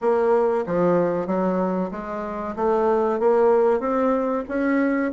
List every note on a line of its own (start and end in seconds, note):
0.01 0.64 A#3
0.66 1.26 F3
1.26 1.90 F#3
1.91 2.55 G#3
2.56 3.19 A3
3.19 3.79 A#3
3.79 4.43 C4
4.48 5.12 C#4